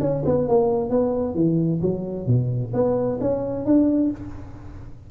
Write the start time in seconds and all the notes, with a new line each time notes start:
0.00 C#4
0.25 B3
0.48 A#3
0.90 B3
1.35 E3
1.81 F#3
2.27 B2
2.74 B3
3.20 C#4
3.65 D4